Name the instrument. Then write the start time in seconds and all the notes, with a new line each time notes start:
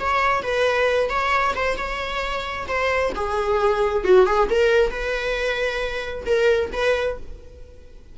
viola
0.00 C#5
0.43 B4
1.10 C#5
1.55 C5
1.77 C#5
2.68 C5
3.15 G#4
4.04 F#4
4.26 G#4
4.50 A#4
4.91 B4
6.26 A#4
6.73 B4